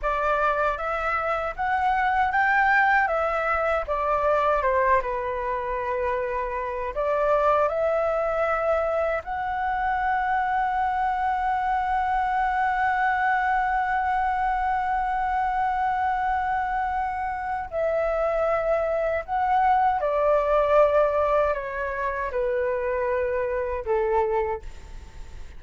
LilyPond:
\new Staff \with { instrumentName = "flute" } { \time 4/4 \tempo 4 = 78 d''4 e''4 fis''4 g''4 | e''4 d''4 c''8 b'4.~ | b'4 d''4 e''2 | fis''1~ |
fis''1~ | fis''2. e''4~ | e''4 fis''4 d''2 | cis''4 b'2 a'4 | }